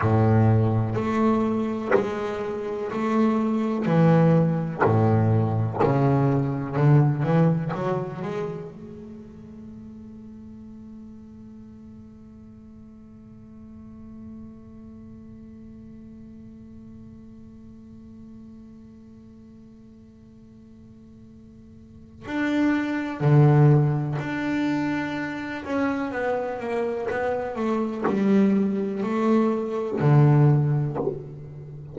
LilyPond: \new Staff \with { instrumentName = "double bass" } { \time 4/4 \tempo 4 = 62 a,4 a4 gis4 a4 | e4 a,4 cis4 d8 e8 | fis8 gis8 a2.~ | a1~ |
a1~ | a2. d'4 | d4 d'4. cis'8 b8 ais8 | b8 a8 g4 a4 d4 | }